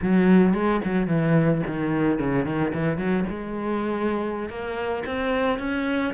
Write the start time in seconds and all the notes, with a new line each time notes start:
0.01 F#3
0.53 G#3
0.84 F#3
1.07 E3
1.66 D#3
2.18 C#3
2.45 D#3
2.73 E3
2.97 F#3
3.29 G#3
4.49 A#3
5.06 C4
5.59 C#4